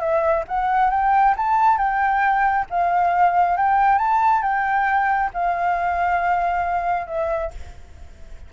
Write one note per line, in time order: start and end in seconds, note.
0.00 0.44 E5
0.48 0.91 F#5
0.91 1.35 G5
1.37 1.78 A5
1.78 2.66 G5
2.70 3.57 F5
3.57 3.98 G5
3.98 4.42 A5
4.42 5.31 G5
5.34 7.07 F5
7.07 7.51 E5